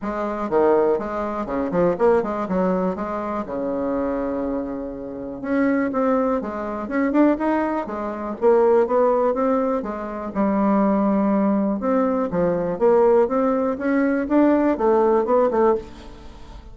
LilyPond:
\new Staff \with { instrumentName = "bassoon" } { \time 4/4 \tempo 4 = 122 gis4 dis4 gis4 cis8 f8 | ais8 gis8 fis4 gis4 cis4~ | cis2. cis'4 | c'4 gis4 cis'8 d'8 dis'4 |
gis4 ais4 b4 c'4 | gis4 g2. | c'4 f4 ais4 c'4 | cis'4 d'4 a4 b8 a8 | }